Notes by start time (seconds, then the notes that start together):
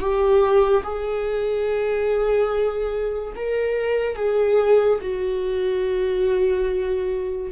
0.00 G4
0.84 G#4
3.36 A#4
4.16 G#4
5.02 F#4